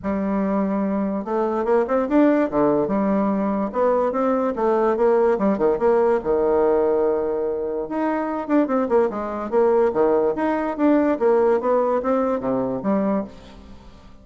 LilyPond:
\new Staff \with { instrumentName = "bassoon" } { \time 4/4 \tempo 4 = 145 g2. a4 | ais8 c'8 d'4 d4 g4~ | g4 b4 c'4 a4 | ais4 g8 dis8 ais4 dis4~ |
dis2. dis'4~ | dis'8 d'8 c'8 ais8 gis4 ais4 | dis4 dis'4 d'4 ais4 | b4 c'4 c4 g4 | }